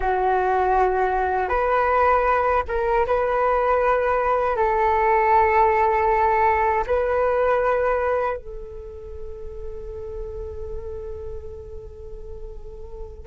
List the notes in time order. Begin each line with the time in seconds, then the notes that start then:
0.00 F#4
1.48 B4
2.68 A#4
3.06 B4
4.56 A4
6.86 B4
8.36 A4